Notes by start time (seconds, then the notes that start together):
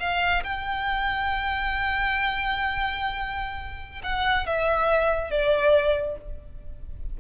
0.00 F5
0.43 G5
4.03 F#5
4.46 E5
5.30 D5